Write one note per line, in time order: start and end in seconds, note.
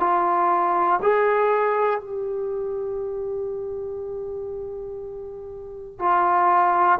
0.00 1.00 F4
1.02 2.00 G#4
2.00 5.99 G4
5.99 6.99 F4